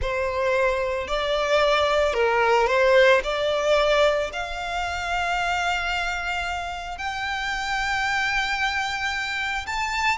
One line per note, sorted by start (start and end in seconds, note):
0.01 1.07 C5
1.07 2.13 D5
2.13 2.67 A#4
2.67 3.20 C5
3.23 4.31 D5
4.32 6.98 F5
6.98 9.66 G5
9.66 10.17 A5